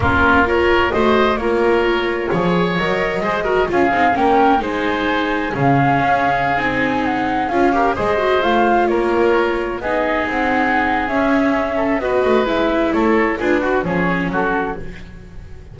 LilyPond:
<<
  \new Staff \with { instrumentName = "flute" } { \time 4/4 \tempo 4 = 130 ais'4 cis''4 dis''4 cis''4~ | cis''2 dis''2 | f''4 g''4 gis''2 | f''2~ f''16 gis''4 fis''8.~ |
fis''16 f''4 dis''4 f''4 cis''8.~ | cis''4~ cis''16 dis''4 fis''4.~ fis''16 | e''2 dis''4 e''4 | cis''4 b'4 cis''4 a'4 | }
  \new Staff \with { instrumentName = "oboe" } { \time 4/4 f'4 ais'4 c''4 ais'4~ | ais'4 cis''2 c''8 ais'8 | gis'4 ais'4 c''2 | gis'1~ |
gis'8. ais'8 c''2 ais'8.~ | ais'4~ ais'16 gis'2~ gis'8.~ | gis'4. a'8 b'2 | a'4 gis'8 fis'8 gis'4 fis'4 | }
  \new Staff \with { instrumentName = "viola" } { \time 4/4 cis'4 f'4 fis'4 f'4~ | f'4 gis'4 ais'4 gis'8 fis'8 | f'8 dis'8 cis'4 dis'2 | cis'2~ cis'16 dis'4.~ dis'16~ |
dis'16 f'8 g'8 gis'8 fis'8 f'4.~ f'16~ | f'4~ f'16 dis'2~ dis'8. | cis'2 fis'4 e'4~ | e'4 f'8 fis'8 cis'2 | }
  \new Staff \with { instrumentName = "double bass" } { \time 4/4 ais2 a4 ais4~ | ais4 f4 fis4 gis4 | cis'8 c'8 ais4 gis2 | cis4 cis'4~ cis'16 c'4.~ c'16~ |
c'16 cis'4 gis4 a4 ais8.~ | ais4~ ais16 b4 c'4.~ c'16 | cis'2 b8 a8 gis4 | a4 d'4 f4 fis4 | }
>>